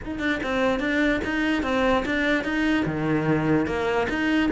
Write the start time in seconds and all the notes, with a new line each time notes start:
0.04 D#4
0.19 D4
0.43 C4
0.79 D4
1.24 D#4
1.63 C4
2.05 D4
2.44 D#4
2.85 D#3
3.66 A#3
4.09 D#4